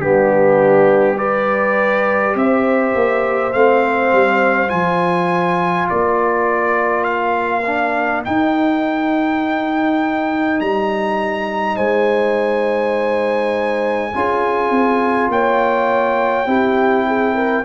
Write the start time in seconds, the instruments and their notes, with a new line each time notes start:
0.00 tuba G3, trombone B3, horn D4, trumpet G4
1.17 trombone G4, horn B4, trumpet D5
2.35 tuba C4, horn C5, trumpet E5
2.95 tuba A#3
3.53 tuba A3, trombone C4, trumpet F5
4.12 tuba G3
4.68 tuba F3, trombone F4, trumpet G#5
5.89 tuba A#3, horn A#4, trumpet D5
7.04 trumpet F5
7.66 trombone D4
8.25 trombone D#4, tuba D#4, trumpet G5
10.61 tuba G3, trumpet A#5
11.75 tuba G#3, horn C5, trumpet G#5
14.14 tuba C#4, trombone F4, horn G#4
14.71 tuba C4
15.28 tuba A#3, horn C#5, trumpet G5
16.47 tuba C4, trombone E4, horn G4
17.07 horn G#4
17.34 horn A#4